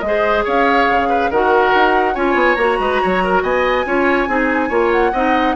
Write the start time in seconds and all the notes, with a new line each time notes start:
0.00 G#3 G#4 D#5
0.07 C5
0.44 C#4 C#5 F5
0.90 C#3
1.08 B4
1.30 D#3 F#4 A#4 F#5
1.74 D#4
2.14 C#4 F4 C#5 G#5
2.34 B3
2.55 A#3 F#4 A#5
2.79 G#3 B4
3.02 F#3 C#5
3.24 A#4
3.42 B3 D#5 G#5
3.85 C#4 F4 C#5
4.27 C4 D#4 G#4
4.69 A#3 F4 C#5
4.91 F#5
5.12 C4 D#4 D#5